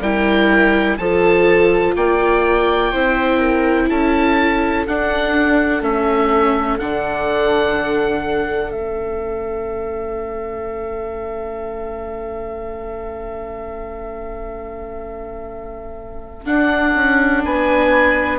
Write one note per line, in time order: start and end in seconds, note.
0.00 0.97 G3
0.00 0.99 E4
0.00 0.97 A#4
0.00 0.97 G5
0.97 1.95 F3
0.97 2.93 F4
0.97 1.95 A4
0.97 1.94 A5
1.96 2.93 A#3
1.96 2.91 D5
1.96 3.89 G5
2.91 3.89 C4
2.91 4.87 E4
2.91 3.38 C5
3.38 3.86 A#4
3.89 4.86 C#4
3.89 17.44 A4
3.89 4.86 A5
4.87 5.82 D4
4.87 5.83 F#5
5.82 6.78 A3
5.82 6.79 C#4
5.82 6.78 E5
6.78 8.71 D3
6.78 8.74 D4
6.78 8.71 F#5
8.71 16.45 A3
8.71 16.45 C#4
8.71 16.45 E5
16.45 16.94 D4
16.45 18.38 D4
16.45 17.42 F#5
16.94 17.43 C#4
17.45 18.38 B3
17.45 18.38 B4
17.45 18.38 G#5